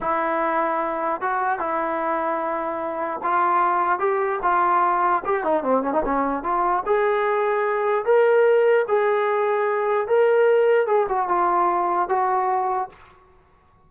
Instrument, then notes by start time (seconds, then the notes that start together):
trombone
0.01 E4
1.21 F#4
1.59 E4
3.23 F4
3.99 G4
4.42 F4
5.25 G4
5.43 D#4
5.63 C4
5.83 C#4
5.92 D#4
6.05 C#4
6.43 F4
6.86 G#4
8.05 A#4
8.88 G#4
10.07 A#4
10.86 G#4
11.08 F#4
11.28 F4
12.08 F#4